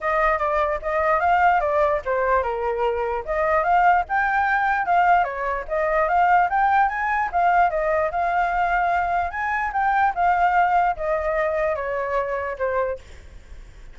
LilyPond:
\new Staff \with { instrumentName = "flute" } { \time 4/4 \tempo 4 = 148 dis''4 d''4 dis''4 f''4 | d''4 c''4 ais'2 | dis''4 f''4 g''2 | f''4 cis''4 dis''4 f''4 |
g''4 gis''4 f''4 dis''4 | f''2. gis''4 | g''4 f''2 dis''4~ | dis''4 cis''2 c''4 | }